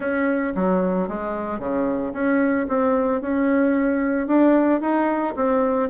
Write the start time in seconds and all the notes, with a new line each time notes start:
0.00 C#4
0.55 F#3
1.08 G#3
1.59 C#3
2.13 C#4
2.68 C4
3.21 C#4
4.27 D4
4.80 D#4
5.35 C4